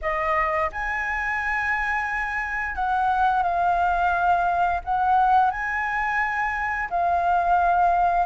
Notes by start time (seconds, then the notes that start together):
0.01 D#5
0.72 G#5
2.75 F#5
3.42 F5
4.84 F#5
5.50 G#5
6.90 F5